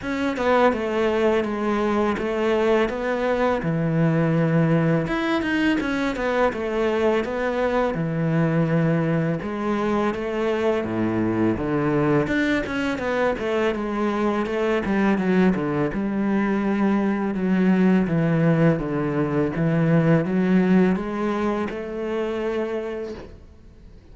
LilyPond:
\new Staff \with { instrumentName = "cello" } { \time 4/4 \tempo 4 = 83 cis'8 b8 a4 gis4 a4 | b4 e2 e'8 dis'8 | cis'8 b8 a4 b4 e4~ | e4 gis4 a4 a,4 |
d4 d'8 cis'8 b8 a8 gis4 | a8 g8 fis8 d8 g2 | fis4 e4 d4 e4 | fis4 gis4 a2 | }